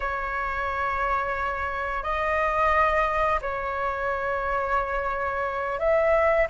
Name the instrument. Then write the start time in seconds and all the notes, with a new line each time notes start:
flute
0.00 C#5
2.03 D#5
3.41 C#5
5.79 E5